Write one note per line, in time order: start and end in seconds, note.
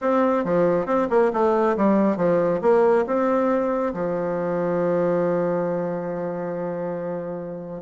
0.01 0.44 C4
0.44 0.86 F3
0.86 1.07 C4
1.09 1.31 A#3
1.33 1.76 A3
1.76 2.17 G3
2.17 2.60 F3
2.61 3.05 A#3
3.06 3.93 C4
3.93 7.81 F3